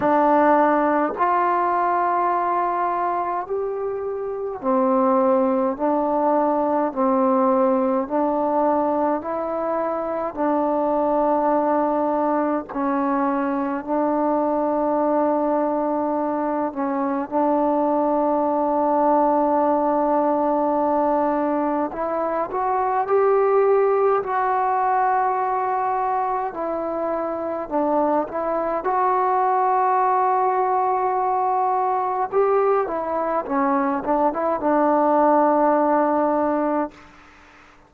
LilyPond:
\new Staff \with { instrumentName = "trombone" } { \time 4/4 \tempo 4 = 52 d'4 f'2 g'4 | c'4 d'4 c'4 d'4 | e'4 d'2 cis'4 | d'2~ d'8 cis'8 d'4~ |
d'2. e'8 fis'8 | g'4 fis'2 e'4 | d'8 e'8 fis'2. | g'8 e'8 cis'8 d'16 e'16 d'2 | }